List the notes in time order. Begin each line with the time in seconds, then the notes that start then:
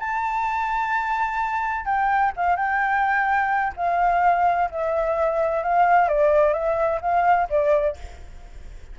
0.00 A5
1.86 G5
2.37 F5
2.57 G5
3.77 F5
4.71 E5
5.64 F5
6.09 D5
6.53 E5
7.02 F5
7.50 D5